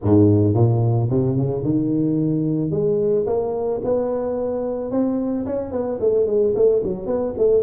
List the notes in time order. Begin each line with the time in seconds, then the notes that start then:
0.02 G#2
0.54 A#2
1.10 C3
1.36 C#3
1.63 D#3
2.70 G#3
3.26 A#3
3.84 B3
4.91 C4
5.45 C#4
5.71 B3
6.00 A3
6.26 G#3
6.55 A3
6.83 F#3
7.06 B3
7.37 A3